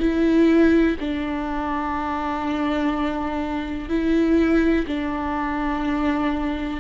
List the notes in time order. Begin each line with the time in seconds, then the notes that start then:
0.00 E4
1.00 D4
3.89 E4
4.87 D4